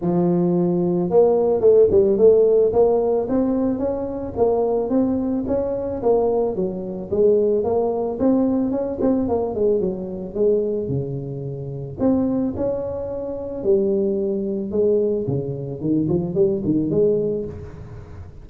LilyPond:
\new Staff \with { instrumentName = "tuba" } { \time 4/4 \tempo 4 = 110 f2 ais4 a8 g8 | a4 ais4 c'4 cis'4 | ais4 c'4 cis'4 ais4 | fis4 gis4 ais4 c'4 |
cis'8 c'8 ais8 gis8 fis4 gis4 | cis2 c'4 cis'4~ | cis'4 g2 gis4 | cis4 dis8 f8 g8 dis8 gis4 | }